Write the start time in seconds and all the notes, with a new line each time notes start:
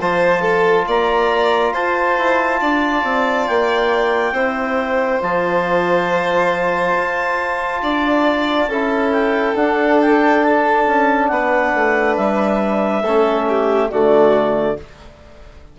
0.00 F3 F4 C5 A5
0.41 A4
0.87 A#3 D5 A#5
1.72 F4 C5 A5
2.18 E4
2.61 D4 D5
3.03 C4
3.47 A#3 G5
4.32 C4 E4 C5
5.22 F3 F4 A5
6.97 F4
7.82 D4 D5
8.67 C#4 E4 A4
9.12 G5
9.55 D4 F#5
10.00 G5
10.43 A5
10.86 C#4
11.28 B3 B4 F#5
11.74 A3
12.16 G3 E5
13.02 A3 C#4 A4
13.48 G4
13.90 D3 A3 F#4 D5